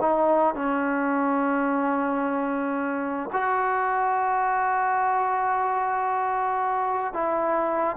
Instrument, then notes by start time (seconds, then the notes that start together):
trombone
0.00 D#4
0.54 C#4
3.33 F#4
7.14 E4